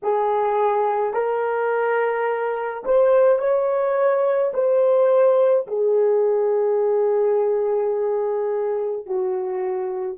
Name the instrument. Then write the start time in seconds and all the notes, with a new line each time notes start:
horn
0.02 G#4
1.13 A#4
2.85 C5
3.39 C#5
4.53 C5
5.67 G#4
9.06 F#4